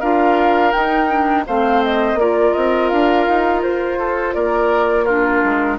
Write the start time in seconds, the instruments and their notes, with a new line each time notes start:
0.00 bassoon D4, clarinet F4, oboe A#4, flute F5
0.72 clarinet D#4, bassoon D#4, flute G5
1.09 clarinet D4
1.47 bassoon A3, clarinet C4, oboe C5, flute F5
1.84 flute D#5
2.15 bassoon A#3, clarinet F4, oboe A#4, flute D5
2.54 bassoon C4, flute D#5
2.89 bassoon D4, flute F5
3.28 bassoon D#4
3.63 bassoon F4, flute C5
3.99 oboe A4
4.34 bassoon A#3, oboe A#4, flute D5
5.05 clarinet D4, oboe F4, flute A#4
5.44 bassoon G#3